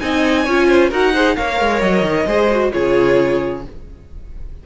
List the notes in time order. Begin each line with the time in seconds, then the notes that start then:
0.00 C4 D#4 D#5 G#5
0.44 C#4 F4 C#5
0.68 C5
0.90 D#4 F#4 A#4 F#5
1.13 G#4 C5
1.36 A#3 A#4 C#5 F5
1.60 G#3
1.82 F#3 D#5
2.02 D#3
2.26 G#3 G#4 C5
2.51 F#4
2.72 C#3 F4 G#4 C#5